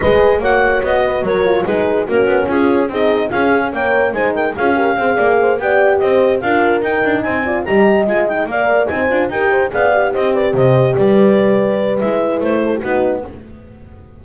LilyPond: <<
  \new Staff \with { instrumentName = "clarinet" } { \time 4/4 \tempo 4 = 145 dis''4 fis''4 dis''4 cis''4 | b'4 ais'4 gis'4 dis''4 | f''4 g''4 gis''8 g''8 f''4~ | f''4. g''4 dis''4 f''8~ |
f''8 g''4 gis''4 ais''4 gis''8 | g''8 f''4 gis''4 g''4 f''8~ | f''8 dis''8 d''8 dis''4 d''4.~ | d''4 e''4 c''4 b'4 | }
  \new Staff \with { instrumentName = "horn" } { \time 4/4 b'4 cis''4. b'8 ais'4 | gis'4 fis'4 f'4 gis'4 | f'8 gis'8 cis''4 c''8 ais'8 gis'8 ais'8 | c''8 d''8 c''8 d''4 c''4 ais'8~ |
ais'4. c''8 d''8 dis''4.~ | dis''8 d''4 c''4 ais'8 c''8 d''8~ | d''8 c''8 b'8 c''4 b'4.~ | b'2~ b'8 a'16 g'16 fis'4 | }
  \new Staff \with { instrumentName = "horn" } { \time 4/4 gis'4 fis'2~ fis'8 f'8 | dis'4 cis'2 dis'4 | gis'4 ais'4 dis'4 f'8 g'8 | gis'4. g'2 f'8~ |
f'8 dis'4. f'8 g'4 f'8 | dis'8 ais'4 dis'8 f'8 g'4 gis'8 | g'1~ | g'4 e'2 dis'4 | }
  \new Staff \with { instrumentName = "double bass" } { \time 4/4 gis4 ais4 b4 fis4 | gis4 ais8 b8 cis'4 c'4 | cis'4 ais4 gis4 cis'4 | c'8 ais4 b4 c'4 d'8~ |
d'8 dis'8 d'8 c'4 g4 gis8~ | gis8 ais4 c'8 d'8 dis'4 b8~ | b8 c'4 c4 g4.~ | g4 gis4 a4 b4 | }
>>